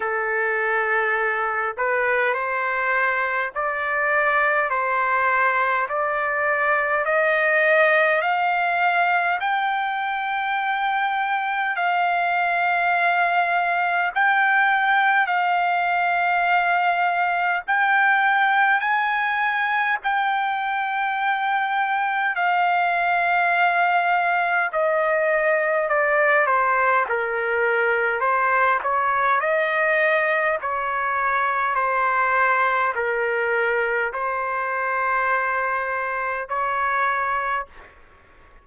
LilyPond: \new Staff \with { instrumentName = "trumpet" } { \time 4/4 \tempo 4 = 51 a'4. b'8 c''4 d''4 | c''4 d''4 dis''4 f''4 | g''2 f''2 | g''4 f''2 g''4 |
gis''4 g''2 f''4~ | f''4 dis''4 d''8 c''8 ais'4 | c''8 cis''8 dis''4 cis''4 c''4 | ais'4 c''2 cis''4 | }